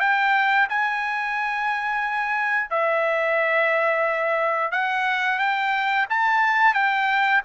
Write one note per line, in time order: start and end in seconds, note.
0.00 0.67 G5
0.69 2.70 G#5
2.70 4.72 E5
4.72 5.39 F#5
5.39 6.06 G5
6.10 6.74 A5
6.74 7.41 G5